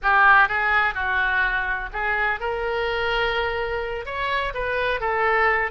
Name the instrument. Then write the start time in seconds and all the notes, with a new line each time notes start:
oboe
0.02 G4
0.48 G#4
0.94 F#4
1.92 G#4
2.39 A#4
4.05 C#5
4.54 B4
5.00 A4